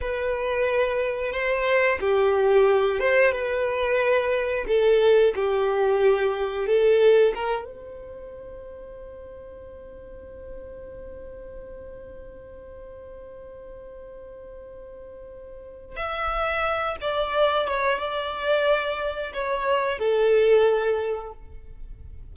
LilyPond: \new Staff \with { instrumentName = "violin" } { \time 4/4 \tempo 4 = 90 b'2 c''4 g'4~ | g'8 c''8 b'2 a'4 | g'2 a'4 ais'8 c''8~ | c''1~ |
c''1~ | c''1 | e''4. d''4 cis''8 d''4~ | d''4 cis''4 a'2 | }